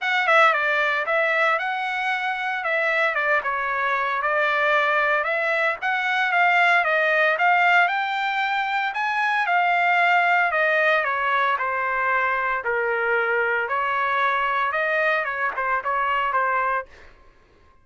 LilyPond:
\new Staff \with { instrumentName = "trumpet" } { \time 4/4 \tempo 4 = 114 fis''8 e''8 d''4 e''4 fis''4~ | fis''4 e''4 d''8 cis''4. | d''2 e''4 fis''4 | f''4 dis''4 f''4 g''4~ |
g''4 gis''4 f''2 | dis''4 cis''4 c''2 | ais'2 cis''2 | dis''4 cis''8 c''8 cis''4 c''4 | }